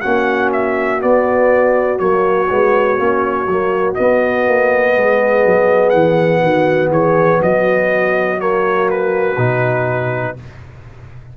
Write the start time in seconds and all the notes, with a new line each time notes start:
0.00 A#3 C#4 F#4 F#5
0.52 E5
1.00 B3 D5
1.98 F#3 A#3 C#5
2.49 G#3 B3
2.97 A#3 C#4
3.47 F#3 A#3
3.94 B3 D#5
4.48 A#3
4.95 G#3 G#4
5.45 F#3
5.89 E3 F#5
6.42 D#3 F#4
6.90 E3 G#4 C#5
7.41 F#3 F#4 D#5
8.37 A#3 C#5
8.90 B4
9.37 B2 D#4